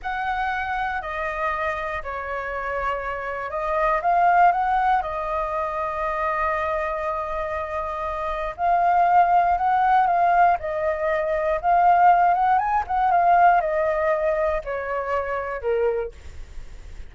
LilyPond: \new Staff \with { instrumentName = "flute" } { \time 4/4 \tempo 4 = 119 fis''2 dis''2 | cis''2. dis''4 | f''4 fis''4 dis''2~ | dis''1~ |
dis''4 f''2 fis''4 | f''4 dis''2 f''4~ | f''8 fis''8 gis''8 fis''8 f''4 dis''4~ | dis''4 cis''2 ais'4 | }